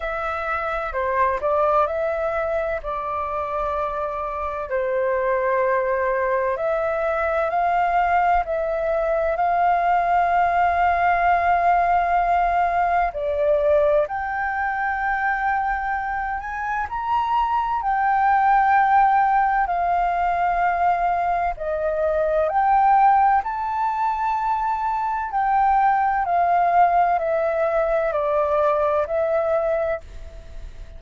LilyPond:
\new Staff \with { instrumentName = "flute" } { \time 4/4 \tempo 4 = 64 e''4 c''8 d''8 e''4 d''4~ | d''4 c''2 e''4 | f''4 e''4 f''2~ | f''2 d''4 g''4~ |
g''4. gis''8 ais''4 g''4~ | g''4 f''2 dis''4 | g''4 a''2 g''4 | f''4 e''4 d''4 e''4 | }